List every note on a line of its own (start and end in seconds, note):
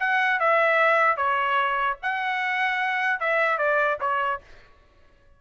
0.00 0.40 F#5
0.40 1.17 E5
1.17 1.98 C#5
2.03 3.21 F#5
3.21 3.59 E5
3.59 3.99 D5
4.01 4.41 C#5